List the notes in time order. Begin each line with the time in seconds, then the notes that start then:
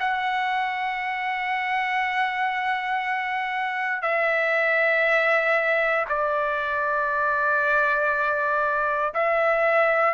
0.00 F#5
4.02 E5
6.09 D5
9.14 E5